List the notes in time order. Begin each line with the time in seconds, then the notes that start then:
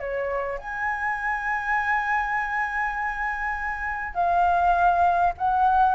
0.00 C#5
0.59 G#5
4.14 F5
5.38 F#5